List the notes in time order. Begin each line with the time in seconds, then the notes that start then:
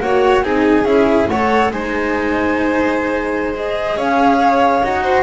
0.00 A#3 F#4 C#5 F#5
0.43 C4 D#4 G#4 G#5
0.84 C#4 E4 E5
1.28 A3 A4 C#5 F#5
1.71 G#3 D#4 C5 G#5
3.53 G#4 D#5
3.97 C#4 C#5 F5
4.83 D#4 F#4 F#5
5.03 C5